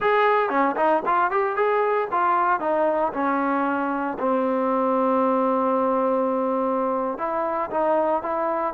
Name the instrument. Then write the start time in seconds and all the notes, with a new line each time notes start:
trombone
0.00 G#4
0.49 C#4
0.76 D#4
1.05 F4
1.30 G4
1.56 G#4
2.11 F4
2.60 D#4
3.13 C#4
4.19 C4
7.18 E4
7.70 D#4
8.22 E4